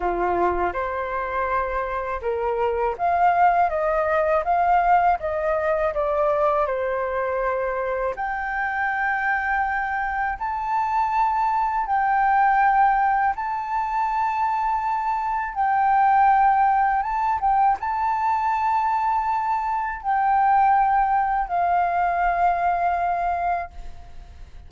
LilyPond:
\new Staff \with { instrumentName = "flute" } { \time 4/4 \tempo 4 = 81 f'4 c''2 ais'4 | f''4 dis''4 f''4 dis''4 | d''4 c''2 g''4~ | g''2 a''2 |
g''2 a''2~ | a''4 g''2 a''8 g''8 | a''2. g''4~ | g''4 f''2. | }